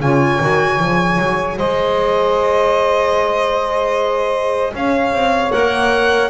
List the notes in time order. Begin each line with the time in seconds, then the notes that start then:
0.00 C#3 F4 C#5 G#5
0.41 D#3 F#4
0.79 F3 G#4
1.19 F#3
1.58 G#3 C5 D#5
4.74 C#4 C#5 F5
5.12 C4
5.52 A#3 A#4 F#5